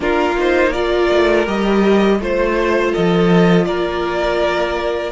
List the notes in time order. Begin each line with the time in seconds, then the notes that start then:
0.00 A#3 D4 F4 A#4
0.37 D#4 C5
0.70 F4 A#4 D5
1.11 A3
1.46 G3 G4 D#5
2.19 A3 F4 C5
2.92 F3 A4 D#5
3.65 A#3 A#4 D5